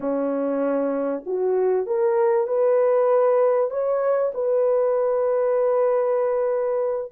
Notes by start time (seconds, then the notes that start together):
0.00 C#4
1.25 F#4
1.86 A#4
2.47 B4
3.70 C#5
4.34 B4